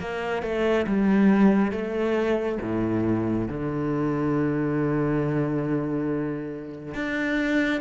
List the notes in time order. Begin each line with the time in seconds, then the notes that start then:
0.00 A#3
0.43 A3
0.87 G3
1.72 A3
2.62 A2
3.48 D3
6.95 D4